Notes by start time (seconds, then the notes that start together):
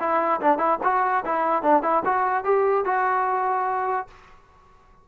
0.00 E4
0.41 D4
0.59 E4
0.84 F#4
1.25 E4
1.63 D4
1.83 E4
2.05 F#4
2.45 G4
2.85 F#4